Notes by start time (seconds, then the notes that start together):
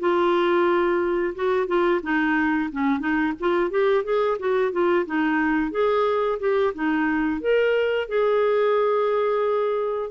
0.00 F4
1.35 F#4
1.67 F4
2.03 D#4
2.72 C#4
3.00 D#4
3.40 F4
3.71 G4
4.04 G#4
4.39 F#4
4.72 F4
5.07 D#4
5.72 G#4
6.40 G4
6.74 D#4
7.41 A#4
8.09 G#4